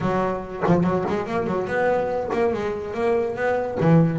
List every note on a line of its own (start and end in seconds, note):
0.00 0.63 F#3
0.66 0.83 F3
0.83 1.04 F#3
1.07 1.26 G#3
1.26 1.46 A#3
1.46 1.67 F#3
1.67 2.30 B3
2.32 2.53 A#3
2.53 2.94 G#3
2.94 3.35 A#3
3.36 3.78 B3
3.80 4.18 E3